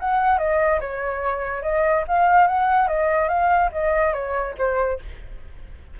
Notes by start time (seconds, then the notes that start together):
0.00 F#5
0.38 D#5
0.81 C#5
1.63 D#5
2.08 F5
2.48 F#5
2.88 D#5
3.29 F5
3.72 D#5
4.13 C#5
4.58 C5